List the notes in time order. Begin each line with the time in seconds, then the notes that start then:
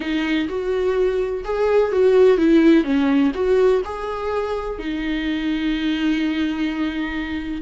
0.00 D#4
0.48 F#4
1.44 G#4
1.92 F#4
2.37 E4
2.84 C#4
3.34 F#4
3.84 G#4
4.79 D#4